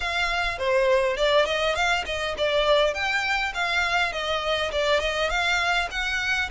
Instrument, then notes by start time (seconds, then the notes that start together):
violin
0.00 F5
0.58 C5
1.17 D5
1.45 D#5
1.75 F5
2.05 D#5
2.37 D5
2.94 G5
3.54 F5
4.12 D#5
4.71 D5
5.00 D#5
5.29 F5
5.90 F#5